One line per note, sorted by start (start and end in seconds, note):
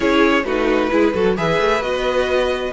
0.00 0.44 C#4
0.00 0.43 E4
0.00 0.44 G#4
0.00 0.44 C#5
0.44 0.89 A3
0.44 0.90 D#4
0.44 0.90 F#4
0.44 1.35 B4
0.90 1.14 G#3
0.90 1.13 E4
0.90 1.14 G#4
1.14 1.37 F#3
1.14 1.36 F#4
1.14 1.37 A4
1.36 1.58 E3
1.36 1.81 G#4
1.36 2.73 B4
1.36 1.82 E5
1.58 1.81 A3
1.81 2.72 B3
1.81 2.72 F#4
1.81 2.73 D#5